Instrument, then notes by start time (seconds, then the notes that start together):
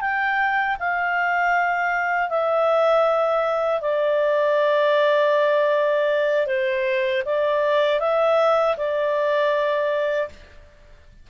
clarinet
0.00 G5
0.79 F5
2.29 E5
3.80 D5
6.46 C5
7.25 D5
8.00 E5
8.77 D5